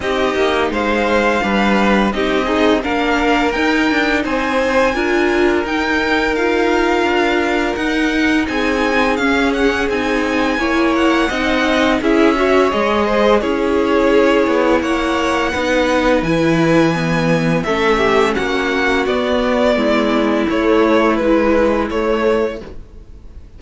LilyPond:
<<
  \new Staff \with { instrumentName = "violin" } { \time 4/4 \tempo 4 = 85 dis''4 f''2 dis''4 | f''4 g''4 gis''2 | g''4 f''2 fis''4 | gis''4 f''8 fis''8 gis''4. fis''8~ |
fis''4 e''4 dis''4 cis''4~ | cis''4 fis''2 gis''4~ | gis''4 e''4 fis''4 d''4~ | d''4 cis''4 b'4 cis''4 | }
  \new Staff \with { instrumentName = "violin" } { \time 4/4 g'4 c''4 b'4 g'8 dis'8 | ais'2 c''4 ais'4~ | ais'1 | gis'2. cis''4 |
dis''4 gis'8 cis''4 c''8 gis'4~ | gis'4 cis''4 b'2~ | b'4 a'8 g'8 fis'2 | e'1 | }
  \new Staff \with { instrumentName = "viola" } { \time 4/4 dis'2 d'4 dis'8 gis'8 | d'4 dis'2 f'4 | dis'4 f'2 dis'4~ | dis'4 cis'4 dis'4 e'4 |
dis'4 e'8 fis'8 gis'4 e'4~ | e'2 dis'4 e'4 | b4 cis'2 b4~ | b4 a4 e4 a4 | }
  \new Staff \with { instrumentName = "cello" } { \time 4/4 c'8 ais8 gis4 g4 c'4 | ais4 dis'8 d'8 c'4 d'4 | dis'2 d'4 dis'4 | c'4 cis'4 c'4 ais4 |
c'4 cis'4 gis4 cis'4~ | cis'8 b8 ais4 b4 e4~ | e4 a4 ais4 b4 | gis4 a4 gis4 a4 | }
>>